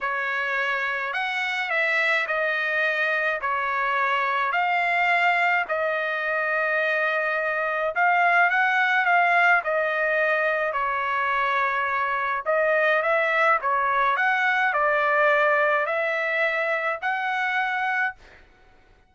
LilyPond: \new Staff \with { instrumentName = "trumpet" } { \time 4/4 \tempo 4 = 106 cis''2 fis''4 e''4 | dis''2 cis''2 | f''2 dis''2~ | dis''2 f''4 fis''4 |
f''4 dis''2 cis''4~ | cis''2 dis''4 e''4 | cis''4 fis''4 d''2 | e''2 fis''2 | }